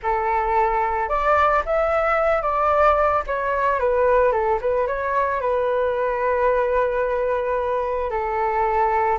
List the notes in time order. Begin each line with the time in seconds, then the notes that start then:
0.02 A4
1.08 D5
1.65 E5
2.42 D5
3.27 C#5
3.79 B4
4.32 A4
4.61 B4
4.87 C#5
5.41 B4
8.10 A4